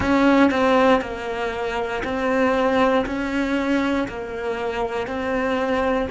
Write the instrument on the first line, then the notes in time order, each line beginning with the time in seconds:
cello
0.00 C#4
0.50 C4
1.01 A#3
2.03 C4
3.06 C#4
4.08 A#3
5.07 C4